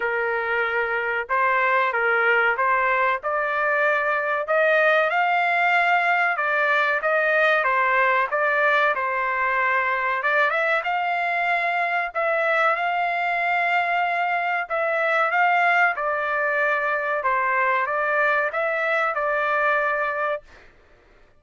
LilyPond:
\new Staff \with { instrumentName = "trumpet" } { \time 4/4 \tempo 4 = 94 ais'2 c''4 ais'4 | c''4 d''2 dis''4 | f''2 d''4 dis''4 | c''4 d''4 c''2 |
d''8 e''8 f''2 e''4 | f''2. e''4 | f''4 d''2 c''4 | d''4 e''4 d''2 | }